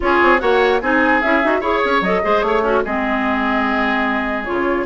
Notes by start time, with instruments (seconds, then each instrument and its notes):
0.00 bassoon C#4, clarinet F4, oboe G#4, flute C#5
0.22 bassoon C4
0.39 bassoon A#3, clarinet F#4, oboe C#5, flute F#5
0.80 bassoon C4, clarinet D#4, oboe G#4, flute G#5
1.21 bassoon C#4, clarinet E4, flute E5
1.43 bassoon D#4, clarinet F#4
1.60 bassoon E4, clarinet G#4, oboe C#5, flute C#5
1.84 bassoon C#4
2.01 bassoon F#3, clarinet A4, flute D#5
2.22 bassoon G#3, clarinet G#4, oboe C5
2.42 bassoon A3, flute C#5, oboe C#5
2.62 oboe C#4, clarinet F#4
2.84 bassoon G#3, clarinet C4, oboe G#4, flute D#5
4.44 bassoon C#3, clarinet F4, flute C#5